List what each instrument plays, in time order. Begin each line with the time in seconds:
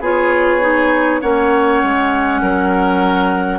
0.00 bassoon B3, clarinet F4, oboe G#4, flute C#5
0.61 clarinet D#4
1.21 bassoon A#3, clarinet C#4, oboe C#5, flute F#5
1.83 bassoon G#3
2.41 bassoon F#3, oboe A#4